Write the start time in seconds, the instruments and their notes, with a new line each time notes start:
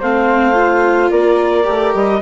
0.00 bassoon A3, viola C4, flute C5, clarinet F5
0.54 viola F4
1.11 bassoon A#3, flute A#4, clarinet D5
1.64 bassoon A3, viola G4
1.95 bassoon G3, clarinet D#5